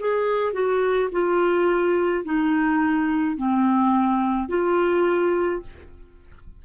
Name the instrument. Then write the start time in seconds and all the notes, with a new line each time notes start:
clarinet
0.00 G#4
0.54 F#4
1.12 F4
2.25 D#4
3.38 C4
4.49 F4